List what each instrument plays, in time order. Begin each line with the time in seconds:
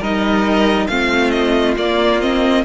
0.00 cello G3, viola D#4, violin A#4 D#5
0.87 cello A3, viola C4, violin F4 F5
1.30 violin D#5
1.77 cello A#3, viola A#3, violin D5
2.20 viola C4, violin D#5